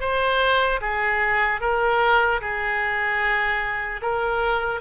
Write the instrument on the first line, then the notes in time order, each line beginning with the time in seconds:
oboe
0.00 C5
0.81 G#4
1.61 A#4
2.41 G#4
4.02 A#4